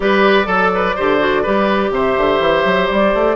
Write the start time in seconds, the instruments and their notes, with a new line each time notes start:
0.00 bassoon G3, clarinet G4, oboe B4, flute D5
0.44 bassoon F#3, clarinet A4, oboe A4
0.74 oboe B4
0.95 bassoon D3, clarinet G4, oboe C5
1.19 clarinet F#4
1.42 bassoon G3, clarinet G4, oboe B4
1.90 bassoon C3, oboe C5, flute E5
2.17 bassoon D3
2.39 bassoon E3
2.65 bassoon F#3
2.88 bassoon G3, flute D5
3.13 bassoon A3